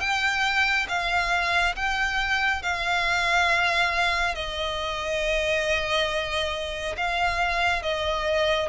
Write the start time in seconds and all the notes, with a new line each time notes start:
0.00 G5
0.88 F5
1.76 G5
2.62 F5
4.35 D#5
6.97 F5
7.83 D#5